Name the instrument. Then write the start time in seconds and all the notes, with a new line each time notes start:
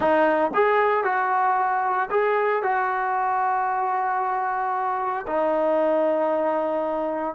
trombone
0.00 D#4
0.54 G#4
1.04 F#4
2.10 G#4
2.62 F#4
5.27 D#4